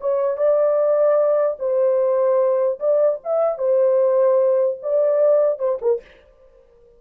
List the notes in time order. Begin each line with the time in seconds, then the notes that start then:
0.00 C#5
0.37 D5
1.59 C5
2.79 D5
3.24 E5
3.58 C5
4.82 D5
5.59 C5
5.81 A#4